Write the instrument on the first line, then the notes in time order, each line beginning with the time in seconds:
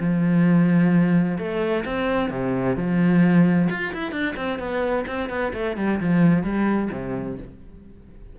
cello
0.00 F3
1.38 A3
1.85 C4
2.30 C3
2.77 F3
3.70 F4
3.93 E4
4.12 D4
4.37 C4
4.59 B3
5.07 C4
5.30 B3
5.54 A3
5.77 G3
6.00 F3
6.44 G3
6.92 C3